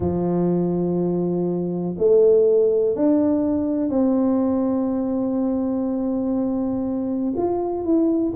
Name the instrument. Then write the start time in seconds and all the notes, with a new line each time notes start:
tuba
0.00 F3
1.98 A3
2.95 D4
3.89 C4
7.36 F4
7.84 E4